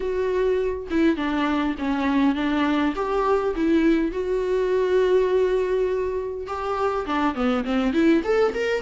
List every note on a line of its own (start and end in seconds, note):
0.00 0.87 F#4
0.90 1.16 E4
1.16 1.75 D4
1.78 2.35 C#4
2.35 2.94 D4
2.95 3.54 G4
3.55 4.11 E4
4.11 6.46 F#4
6.46 7.05 G4
7.06 7.34 D4
7.34 7.64 B3
7.64 7.93 C4
7.93 8.22 E4
8.24 8.53 A4
8.54 8.82 A#4